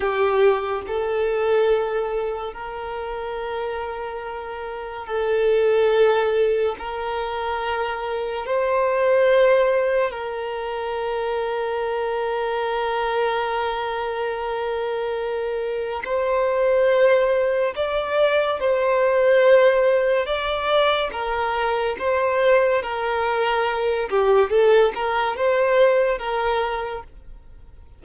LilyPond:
\new Staff \with { instrumentName = "violin" } { \time 4/4 \tempo 4 = 71 g'4 a'2 ais'4~ | ais'2 a'2 | ais'2 c''2 | ais'1~ |
ais'2. c''4~ | c''4 d''4 c''2 | d''4 ais'4 c''4 ais'4~ | ais'8 g'8 a'8 ais'8 c''4 ais'4 | }